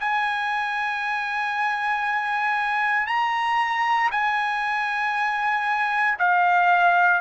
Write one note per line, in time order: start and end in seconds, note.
0.00 3.07 G#5
3.07 4.10 A#5
4.11 6.18 G#5
6.19 7.21 F5